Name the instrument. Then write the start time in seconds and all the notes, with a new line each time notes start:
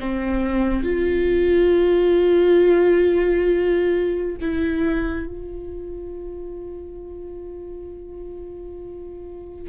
viola
0.00 C4
0.84 F4
4.41 E4
5.27 F4